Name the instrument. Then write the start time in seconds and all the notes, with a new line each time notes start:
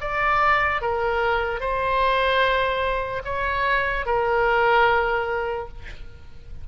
oboe
0.00 D5
0.81 A#4
1.60 C5
3.24 C#5
4.05 A#4